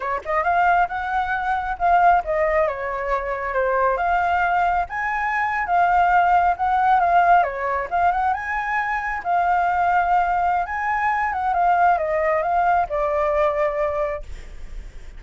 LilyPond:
\new Staff \with { instrumentName = "flute" } { \time 4/4 \tempo 4 = 135 cis''8 dis''8 f''4 fis''2 | f''4 dis''4 cis''2 | c''4 f''2 gis''4~ | gis''8. f''2 fis''4 f''16~ |
f''8. cis''4 f''8 fis''8 gis''4~ gis''16~ | gis''8. f''2.~ f''16 | gis''4. fis''8 f''4 dis''4 | f''4 d''2. | }